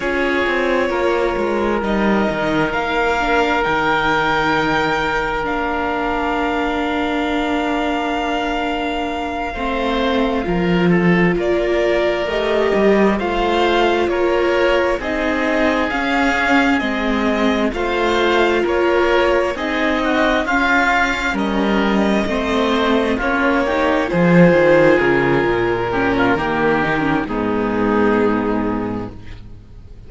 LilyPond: <<
  \new Staff \with { instrumentName = "violin" } { \time 4/4 \tempo 4 = 66 cis''2 dis''4 f''4 | g''2 f''2~ | f''1~ | f''8 d''4 dis''4 f''4 cis''8~ |
cis''8 dis''4 f''4 dis''4 f''8~ | f''8 cis''4 dis''4 f''4 dis''8~ | dis''4. cis''4 c''4 ais'8~ | ais'2 gis'2 | }
  \new Staff \with { instrumentName = "oboe" } { \time 4/4 gis'4 ais'2.~ | ais'1~ | ais'2~ ais'8 c''4 ais'8 | a'8 ais'2 c''4 ais'8~ |
ais'8 gis'2. c''8~ | c''8 ais'4 gis'8 fis'8 f'4 ais'8~ | ais'8 c''4 f'8 g'8 gis'4.~ | gis'8 g'16 f'16 g'4 dis'2 | }
  \new Staff \with { instrumentName = "viola" } { \time 4/4 f'2 dis'4. d'8 | dis'2 d'2~ | d'2~ d'8 c'4 f'8~ | f'4. g'4 f'4.~ |
f'8 dis'4 cis'4 c'4 f'8~ | f'4. dis'4 cis'4.~ | cis'8 c'4 cis'8 dis'8 f'4.~ | f'8 cis'8 ais8 dis'16 cis'16 b2 | }
  \new Staff \with { instrumentName = "cello" } { \time 4/4 cis'8 c'8 ais8 gis8 g8 dis8 ais4 | dis2 ais2~ | ais2~ ais8 a4 f8~ | f8 ais4 a8 g8 a4 ais8~ |
ais8 c'4 cis'4 gis4 a8~ | a8 ais4 c'4 cis'4 g8~ | g8 a4 ais4 f8 dis8 cis8 | ais,4 dis4 gis,2 | }
>>